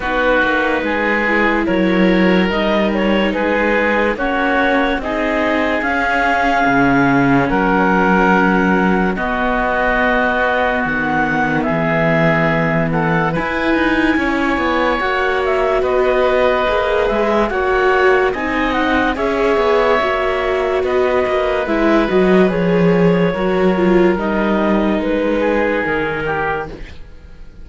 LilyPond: <<
  \new Staff \with { instrumentName = "clarinet" } { \time 4/4 \tempo 4 = 72 b'2 cis''4 dis''8 cis''8 | b'4 cis''4 dis''4 f''4~ | f''4 fis''2 dis''4~ | dis''4 fis''4 e''4. fis''8 |
gis''2 fis''8 e''8 dis''4~ | dis''8 e''8 fis''4 gis''8 fis''8 e''4~ | e''4 dis''4 e''8 dis''8 cis''4~ | cis''4 dis''4 b'4 ais'4 | }
  \new Staff \with { instrumentName = "oboe" } { \time 4/4 fis'4 gis'4 ais'2 | gis'4 fis'4 gis'2~ | gis'4 ais'2 fis'4~ | fis'2 gis'4. a'8 |
b'4 cis''2 b'4~ | b'4 cis''4 dis''4 cis''4~ | cis''4 b'2. | ais'2~ ais'8 gis'4 g'8 | }
  \new Staff \with { instrumentName = "viola" } { \time 4/4 dis'4. e'4. dis'4~ | dis'4 cis'4 dis'4 cis'4~ | cis'2. b4~ | b1 |
e'2 fis'2 | gis'4 fis'4 dis'4 gis'4 | fis'2 e'8 fis'8 gis'4 | fis'8 f'8 dis'2. | }
  \new Staff \with { instrumentName = "cello" } { \time 4/4 b8 ais8 gis4 fis4 g4 | gis4 ais4 c'4 cis'4 | cis4 fis2 b4~ | b4 dis4 e2 |
e'8 dis'8 cis'8 b8 ais4 b4 | ais8 gis8 ais4 c'4 cis'8 b8 | ais4 b8 ais8 gis8 fis8 f4 | fis4 g4 gis4 dis4 | }
>>